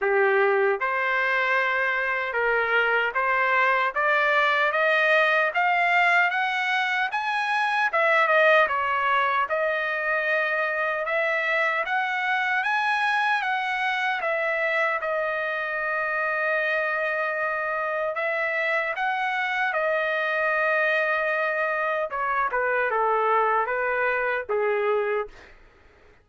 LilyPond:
\new Staff \with { instrumentName = "trumpet" } { \time 4/4 \tempo 4 = 76 g'4 c''2 ais'4 | c''4 d''4 dis''4 f''4 | fis''4 gis''4 e''8 dis''8 cis''4 | dis''2 e''4 fis''4 |
gis''4 fis''4 e''4 dis''4~ | dis''2. e''4 | fis''4 dis''2. | cis''8 b'8 a'4 b'4 gis'4 | }